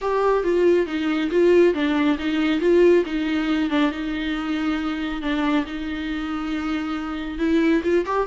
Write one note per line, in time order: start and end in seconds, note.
0.01 0.43 G4
0.43 0.86 F4
0.86 1.29 D#4
1.30 1.74 F4
1.74 2.17 D4
2.18 2.60 D#4
2.60 3.04 F4
3.05 3.70 D#4
3.70 3.91 D4
3.91 5.21 D#4
5.21 5.65 D4
5.66 7.38 D#4
7.38 7.81 E4
7.83 8.05 F4
8.05 8.27 G4